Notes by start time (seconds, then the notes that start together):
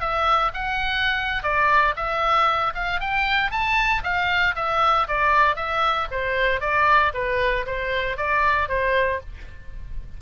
0.00 E5
0.54 F#5
1.43 D5
1.96 E5
2.74 F5
3.00 G5
3.51 A5
4.03 F5
4.55 E5
5.08 D5
5.56 E5
6.11 C5
6.61 D5
7.14 B4
7.66 C5
8.17 D5
8.68 C5